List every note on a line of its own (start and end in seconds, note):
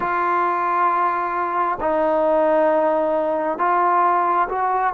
0.00 1.79 F4
1.80 3.58 D#4
3.58 4.48 F4
4.48 4.93 F#4